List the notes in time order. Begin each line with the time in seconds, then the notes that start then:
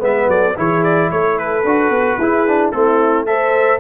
0.00 G#3 B3 B4 E5
0.28 F#3 A4 D5
0.56 E3 E4 G#4 C#5
0.84 D5
1.12 A3 A4 C#5
1.39 B4
1.65 D4 F#4
1.90 B3
2.19 E4 G#4
2.48 D4
2.72 A3 C4 E4 A4
3.27 A4 C5 E5